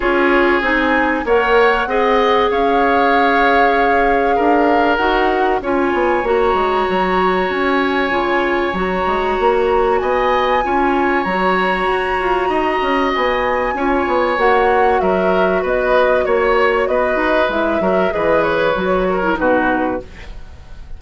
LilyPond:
<<
  \new Staff \with { instrumentName = "flute" } { \time 4/4 \tempo 4 = 96 cis''4 gis''4 fis''2 | f''1 | fis''4 gis''4 ais''2 | gis''2 ais''2 |
gis''2 ais''2~ | ais''4 gis''2 fis''4 | e''4 dis''4 cis''4 dis''4 | e''4 dis''8 cis''4. b'4 | }
  \new Staff \with { instrumentName = "oboe" } { \time 4/4 gis'2 cis''4 dis''4 | cis''2. ais'4~ | ais'4 cis''2.~ | cis''1 |
dis''4 cis''2. | dis''2 cis''2 | ais'4 b'4 cis''4 b'4~ | b'8 ais'8 b'4. ais'8 fis'4 | }
  \new Staff \with { instrumentName = "clarinet" } { \time 4/4 f'4 dis'4 ais'4 gis'4~ | gis'1 | fis'4 f'4 fis'2~ | fis'4 f'4 fis'2~ |
fis'4 f'4 fis'2~ | fis'2 f'4 fis'4~ | fis'1 | e'8 fis'8 gis'4 fis'8. e'16 dis'4 | }
  \new Staff \with { instrumentName = "bassoon" } { \time 4/4 cis'4 c'4 ais4 c'4 | cis'2. d'4 | dis'4 cis'8 b8 ais8 gis8 fis4 | cis'4 cis4 fis8 gis8 ais4 |
b4 cis'4 fis4 fis'8 f'8 | dis'8 cis'8 b4 cis'8 b8 ais4 | fis4 b4 ais4 b8 dis'8 | gis8 fis8 e4 fis4 b,4 | }
>>